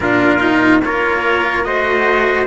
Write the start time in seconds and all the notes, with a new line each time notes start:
0.00 A#2 D4 F4 A#4
0.39 D#4
0.83 A#3 F4 A#4 C#5
1.63 A3 F#4 C5 D#5